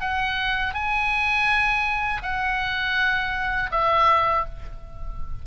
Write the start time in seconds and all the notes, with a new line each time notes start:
0.00 F#5
0.74 G#5
2.22 F#5
3.71 E5